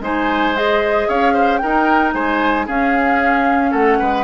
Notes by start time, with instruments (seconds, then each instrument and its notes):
0.00 bassoon G#3, clarinet D#4, oboe C5, flute G#5
0.54 clarinet G#4, flute D#5
1.08 bassoon C#4, oboe C#5, flute F5
1.33 oboe C5
1.57 clarinet D#4, bassoon D#4, oboe A#4, flute G5
2.13 bassoon G#3, oboe C5, flute G#5
2.66 clarinet C#4, bassoon C#4, oboe G#4, flute F5
3.71 bassoon A3, oboe A4, flute F#5
3.99 bassoon G#3, oboe B4